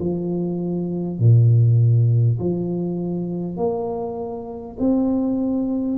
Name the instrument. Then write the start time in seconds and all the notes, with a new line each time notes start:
tuba
0.00 F3
1.19 A#2
2.40 F3
3.57 A#3
4.80 C4